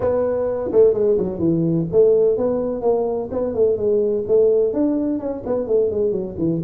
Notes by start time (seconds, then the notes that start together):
0.00 B3
0.72 A3
0.93 G#3
1.17 F#3
1.38 E3
1.92 A3
2.37 B3
2.81 A#3
3.31 B3
3.54 A3
3.76 G#3
4.27 A3
4.73 D4
5.19 C#4
5.46 B3
5.67 A3
5.90 G#3
6.11 F#3
6.38 E3